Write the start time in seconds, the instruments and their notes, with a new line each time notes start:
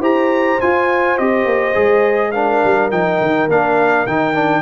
0.00 tuba E4, trombone G4, horn C5, trumpet A#5
0.61 trombone F4, tuba F4, trumpet G#5
1.18 tuba C4, trombone G4, trumpet D#5
1.45 tuba A#3
1.74 tuba G#3, trombone G#4
2.32 trombone D4, horn A#4, trumpet F5
2.65 tuba G3
2.91 tuba F3, trombone D#4, trumpet G5
3.21 tuba D#3
3.48 tuba A#3, trombone D4, trumpet F5
4.07 tuba D#3, trombone D#4, trumpet G5
4.34 trombone D4